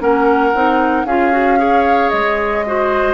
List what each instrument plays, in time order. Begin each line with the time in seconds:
0.00 bassoon A#3, clarinet C#4, oboe A#4, flute F#5
0.55 bassoon C4, clarinet D#4
1.05 bassoon C#4, clarinet F4, oboe G#4, flute F5
1.32 clarinet F#4
1.58 clarinet G#4, oboe C#5
2.10 bassoon G#3, flute D#5
2.67 clarinet F#4, oboe C5